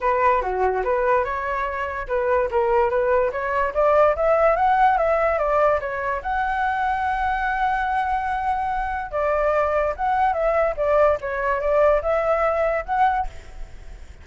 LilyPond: \new Staff \with { instrumentName = "flute" } { \time 4/4 \tempo 4 = 145 b'4 fis'4 b'4 cis''4~ | cis''4 b'4 ais'4 b'4 | cis''4 d''4 e''4 fis''4 | e''4 d''4 cis''4 fis''4~ |
fis''1~ | fis''2 d''2 | fis''4 e''4 d''4 cis''4 | d''4 e''2 fis''4 | }